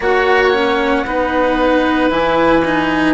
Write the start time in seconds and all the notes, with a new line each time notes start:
0.00 A#3 F#4 C#5 F#5
0.53 C#4
1.05 B3 D#4 B4
2.10 E3 E4 G#5
2.64 D#4